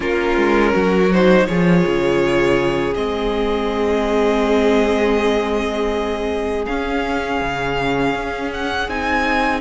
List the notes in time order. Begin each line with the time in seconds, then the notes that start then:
0.00 A#3 C#4 F4 A#4
0.36 G#3
0.73 F#3 F#4
1.12 D#4 C5
1.46 F3 F4 G#4 C#5
1.86 C#3
2.94 G#3 C4 D#5
6.65 C#4 F5
7.41 C#3
8.14 C#4
8.53 F#5
8.88 C4 D#4 G#5